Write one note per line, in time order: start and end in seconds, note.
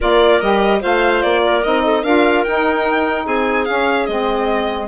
0.00 0.41 A#3
0.00 0.41 F4
0.00 0.80 A#4
0.00 0.41 D5
0.41 0.82 G3
0.41 0.80 G4
0.41 0.81 D#5
0.80 1.23 A3
0.80 1.61 F4
0.80 1.41 C5
0.80 1.22 F5
1.22 1.64 A#3
1.22 1.62 D5
1.44 1.84 A#4
1.63 2.03 C4
1.63 2.05 D#4
1.63 2.03 D#5
1.84 2.03 A4
2.03 2.44 D4
2.03 2.46 F4
2.03 3.25 A#4
2.03 2.44 F5
2.44 3.26 D#4
2.44 3.66 D#4
2.44 3.25 G5
3.25 3.67 C4
3.25 4.87 G#4
3.25 3.65 G#5
3.65 4.07 C#4
3.65 4.08 C#4
3.65 4.06 F5
4.06 4.87 G#3
4.06 4.87 C4
4.06 4.87 D#5